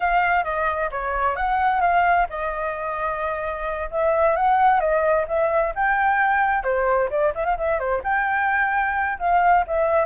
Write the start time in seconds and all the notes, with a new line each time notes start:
0.00 F5
0.44 D#5
0.91 C#5
1.36 F#5
1.80 F5
2.29 D#5
3.90 E5
4.36 F#5
4.80 D#5
5.28 E5
5.75 G5
6.63 C5
7.10 D5
7.34 E5
7.45 F5
7.57 E5
7.79 C5
8.03 G5
9.19 F5
9.67 E5